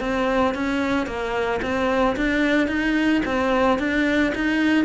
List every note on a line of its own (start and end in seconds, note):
0.00 0.54 C4
0.54 1.06 C#4
1.06 1.60 A#3
1.62 2.16 C4
2.16 2.68 D4
2.68 3.22 D#4
3.25 3.78 C4
3.78 4.32 D4
4.35 4.85 D#4